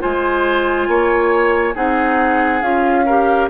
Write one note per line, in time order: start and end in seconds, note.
0.00 0.88 G#3
0.00 1.74 F4
0.00 0.88 C5
0.00 1.76 G#5
0.88 1.75 A#3
0.88 1.75 C#5
1.75 2.62 C4
1.75 2.62 D#4
1.75 3.05 G#4
1.75 2.62 F#5
2.62 3.49 C#4
2.62 3.06 F4
2.62 3.49 F5
3.06 3.50 G4
3.06 3.49 A#4